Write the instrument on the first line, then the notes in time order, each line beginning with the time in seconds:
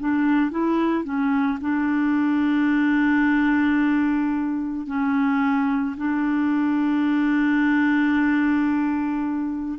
clarinet
0.00 D4
0.51 E4
1.04 C#4
1.61 D4
4.86 C#4
5.97 D4